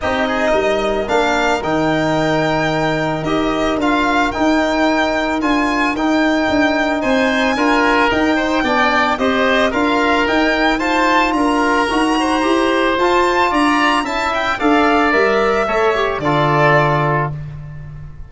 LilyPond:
<<
  \new Staff \with { instrumentName = "violin" } { \time 4/4 \tempo 4 = 111 dis''2 f''4 g''4~ | g''2 dis''4 f''4 | g''2 gis''4 g''4~ | g''4 gis''2 g''4~ |
g''4 dis''4 f''4 g''4 | a''4 ais''2. | a''4 ais''4 a''8 g''8 f''4 | e''2 d''2 | }
  \new Staff \with { instrumentName = "oboe" } { \time 4/4 g'8 gis'8 ais'2.~ | ais'1~ | ais'1~ | ais'4 c''4 ais'4. c''8 |
d''4 c''4 ais'2 | c''4 ais'4. c''4.~ | c''4 d''4 e''4 d''4~ | d''4 cis''4 a'2 | }
  \new Staff \with { instrumentName = "trombone" } { \time 4/4 dis'2 d'4 dis'4~ | dis'2 g'4 f'4 | dis'2 f'4 dis'4~ | dis'2 f'4 dis'4 |
d'4 g'4 f'4 dis'4 | f'2 fis'4 g'4 | f'2 e'4 a'4 | ais'4 a'8 g'8 f'2 | }
  \new Staff \with { instrumentName = "tuba" } { \time 4/4 c'4 g4 ais4 dis4~ | dis2 dis'4 d'4 | dis'2 d'4 dis'4 | d'4 c'4 d'4 dis'4 |
b4 c'4 d'4 dis'4~ | dis'4 d'4 dis'4 e'4 | f'4 d'4 cis'4 d'4 | g4 a4 d2 | }
>>